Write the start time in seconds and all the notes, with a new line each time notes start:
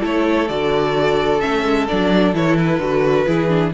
0.00 A3 E4 A4 C#5
0.48 D3 F#4 D5
1.40 A3 C#4 E5
1.64 G#3
1.88 F#3 D4 D5
2.33 E3 E4 C#5
2.56 B4
2.78 D3 F#4
3.26 E3 E4 G#4
3.48 D4